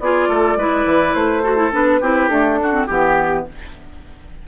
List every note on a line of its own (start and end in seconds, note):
0.00 0.29 B3
0.00 0.59 F4
0.00 0.29 G#4
0.00 1.15 D5
0.29 0.56 A3
0.29 0.58 A4
0.56 0.85 G#3
0.56 1.44 E4
0.56 1.43 B4
0.86 1.15 E3
1.15 1.72 A3
1.15 1.72 C5
1.43 1.57 F#4
1.43 2.01 A4
1.57 1.71 E4
1.72 2.02 B3
1.72 2.01 D4
1.72 2.29 B4
2.01 2.29 C4
2.01 2.31 E4
2.01 2.59 G4
2.29 2.60 A3
2.29 2.87 D4
2.29 2.87 A4
2.60 2.73 D4
2.60 2.87 F#4
2.73 2.88 C4
2.87 3.47 E3
2.87 3.48 B3
2.87 3.45 G4